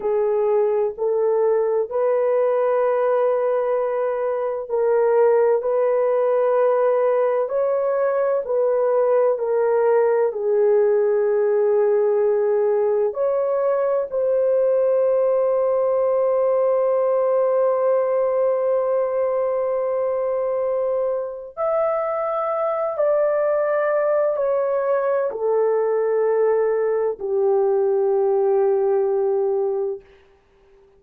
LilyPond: \new Staff \with { instrumentName = "horn" } { \time 4/4 \tempo 4 = 64 gis'4 a'4 b'2~ | b'4 ais'4 b'2 | cis''4 b'4 ais'4 gis'4~ | gis'2 cis''4 c''4~ |
c''1~ | c''2. e''4~ | e''8 d''4. cis''4 a'4~ | a'4 g'2. | }